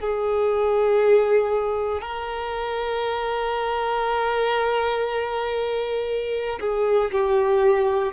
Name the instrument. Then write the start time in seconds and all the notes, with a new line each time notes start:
violin
0.00 G#4
2.02 A#4
6.60 G#4
7.11 G4